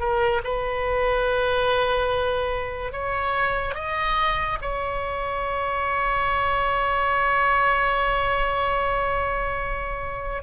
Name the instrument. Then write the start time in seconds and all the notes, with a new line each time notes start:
oboe
0.00 A#4
0.44 B4
2.92 C#5
3.75 D#5
4.62 C#5